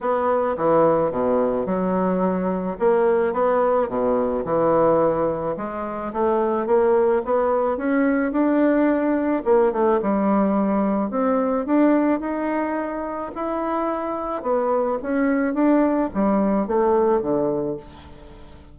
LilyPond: \new Staff \with { instrumentName = "bassoon" } { \time 4/4 \tempo 4 = 108 b4 e4 b,4 fis4~ | fis4 ais4 b4 b,4 | e2 gis4 a4 | ais4 b4 cis'4 d'4~ |
d'4 ais8 a8 g2 | c'4 d'4 dis'2 | e'2 b4 cis'4 | d'4 g4 a4 d4 | }